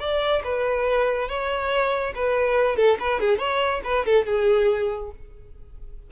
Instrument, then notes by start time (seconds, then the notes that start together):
violin
0.00 D5
0.44 B4
1.29 C#5
2.15 B4
2.76 A4
3.00 B4
3.21 G#4
3.38 C#5
3.85 B4
4.06 A4
4.26 G#4